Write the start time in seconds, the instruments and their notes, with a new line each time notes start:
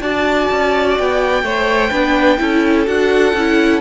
0.00 cello D4, viola F#4, violin D5 A5
0.51 cello C#4
0.98 cello B3, violin G5
1.43 cello A3, viola C5, violin C#5
1.90 cello B3, viola D4, violin B4
2.38 cello C#4, viola E4, violin A4
2.86 cello D4, viola F#4, violin F#5
3.33 cello C#4, viola E4